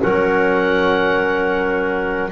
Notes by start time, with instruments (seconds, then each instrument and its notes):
0.00 double bass F#3, trombone C#4, clarinet A#4, oboe F#5